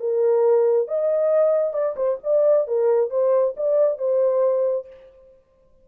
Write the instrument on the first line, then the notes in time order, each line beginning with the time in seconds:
horn
0.00 A#4
0.88 D#5
1.74 D5
1.96 C5
2.24 D5
2.68 A#4
3.11 C5
3.57 D5
3.98 C5